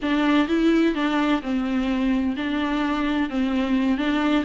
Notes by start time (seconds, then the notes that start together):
0.02 D4
0.48 E4
0.94 D4
1.41 C4
2.36 D4
3.29 C4
3.97 D4